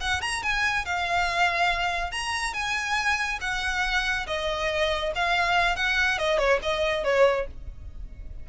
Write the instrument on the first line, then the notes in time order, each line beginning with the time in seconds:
violin
0.00 F#5
0.21 A#5
0.42 G#5
0.85 F5
2.11 A#5
2.53 G#5
3.41 F#5
4.26 D#5
5.15 F5
5.76 F#5
6.18 D#5
6.38 C#5
6.62 D#5
7.03 C#5